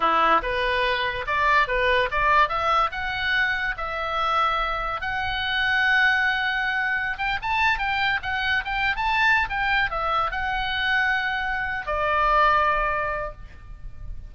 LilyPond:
\new Staff \with { instrumentName = "oboe" } { \time 4/4 \tempo 4 = 144 e'4 b'2 d''4 | b'4 d''4 e''4 fis''4~ | fis''4 e''2. | fis''1~ |
fis''4~ fis''16 g''8 a''4 g''4 fis''16~ | fis''8. g''8. a''4~ a''16 g''4 e''16~ | e''8. fis''2.~ fis''16~ | fis''8 d''2.~ d''8 | }